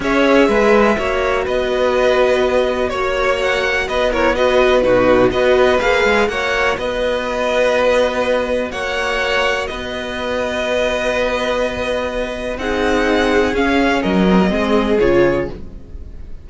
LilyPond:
<<
  \new Staff \with { instrumentName = "violin" } { \time 4/4 \tempo 4 = 124 e''2. dis''4~ | dis''2 cis''4 fis''4 | dis''8 cis''8 dis''4 b'4 dis''4 | f''4 fis''4 dis''2~ |
dis''2 fis''2 | dis''1~ | dis''2 fis''2 | f''4 dis''2 cis''4 | }
  \new Staff \with { instrumentName = "violin" } { \time 4/4 cis''4 b'4 cis''4 b'4~ | b'2 cis''2 | b'8 ais'8 b'4 fis'4 b'4~ | b'4 cis''4 b'2~ |
b'2 cis''2 | b'1~ | b'2 gis'2~ | gis'4 ais'4 gis'2 | }
  \new Staff \with { instrumentName = "viola" } { \time 4/4 gis'2 fis'2~ | fis'1~ | fis'8 e'8 fis'4 dis'4 fis'4 | gis'4 fis'2.~ |
fis'1~ | fis'1~ | fis'2 dis'2 | cis'4. c'16 ais16 c'4 f'4 | }
  \new Staff \with { instrumentName = "cello" } { \time 4/4 cis'4 gis4 ais4 b4~ | b2 ais2 | b2 b,4 b4 | ais8 gis8 ais4 b2~ |
b2 ais2 | b1~ | b2 c'2 | cis'4 fis4 gis4 cis4 | }
>>